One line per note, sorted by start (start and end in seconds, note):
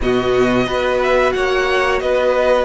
0.01 0.66 B2
0.01 0.66 B3
0.01 0.66 F#4
0.01 1.01 D#5
0.66 1.33 B3
0.66 2.65 F#4
0.66 1.33 B4
1.02 1.32 E5
1.32 2.01 A#3
1.32 2.02 C#5
1.32 1.99 F#5
2.00 2.65 B3
2.00 2.65 B4
2.00 2.65 D#5